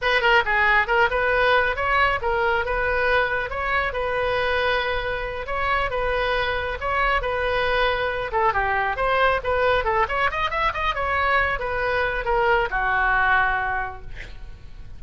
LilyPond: \new Staff \with { instrumentName = "oboe" } { \time 4/4 \tempo 4 = 137 b'8 ais'8 gis'4 ais'8 b'4. | cis''4 ais'4 b'2 | cis''4 b'2.~ | b'8 cis''4 b'2 cis''8~ |
cis''8 b'2~ b'8 a'8 g'8~ | g'8 c''4 b'4 a'8 cis''8 dis''8 | e''8 dis''8 cis''4. b'4. | ais'4 fis'2. | }